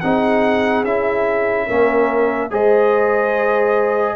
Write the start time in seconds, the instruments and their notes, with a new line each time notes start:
0.00 tuba C4, trombone D#4, horn G#4, trumpet F#5
0.84 tuba C#4, trombone E4, trumpet E5
1.67 tuba A#3, trombone C#4, horn A#4
2.50 tuba G#3, trombone G#4, horn C5, trumpet D#5